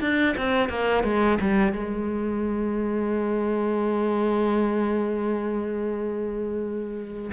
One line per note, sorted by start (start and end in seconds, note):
0.00 0.35 D4
0.37 0.69 C4
0.69 1.03 A#3
1.03 1.38 G#3
1.40 1.73 G3
1.73 7.31 G#3